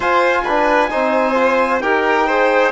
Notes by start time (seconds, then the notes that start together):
0.00 F4 C5 G#5
0.44 D4 B4
0.90 C4 D#4 C5
1.34 F4
1.80 D#4 G4 A#4 G5
2.27 G#4 C5